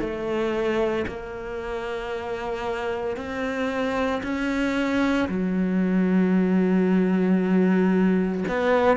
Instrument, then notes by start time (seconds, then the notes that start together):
cello
0.00 A3
1.07 A#3
3.17 C4
4.23 C#4
5.28 F#3
8.48 B3